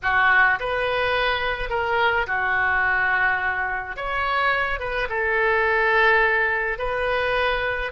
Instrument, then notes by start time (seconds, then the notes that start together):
oboe
0.02 F#4
0.59 B4
1.69 A#4
2.26 F#4
3.96 C#5
4.79 B4
5.09 A4
6.78 B4